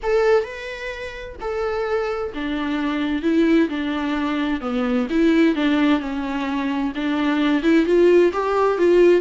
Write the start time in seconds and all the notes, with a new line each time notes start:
0.02 A4
0.43 B4
1.40 A4
2.34 D4
3.22 E4
3.69 D4
4.60 B3
5.10 E4
5.55 D4
6.00 C#4
6.95 D4
7.62 E4
7.85 F4
8.33 G4
8.77 F4